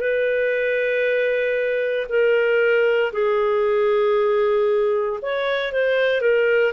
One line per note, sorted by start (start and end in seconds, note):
0.00 2.07 B4
2.09 3.13 A#4
3.13 5.20 G#4
5.22 5.72 C#5
5.72 6.21 C5
6.21 6.73 A#4